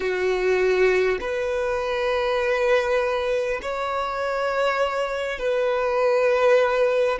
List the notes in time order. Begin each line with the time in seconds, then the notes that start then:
0.00 F#4
1.20 B4
3.62 C#5
5.38 B4